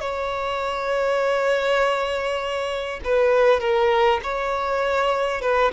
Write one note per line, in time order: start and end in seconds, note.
0.00 3.00 C#5
3.04 3.60 B4
3.60 4.20 A#4
4.23 5.41 C#5
5.41 5.71 B4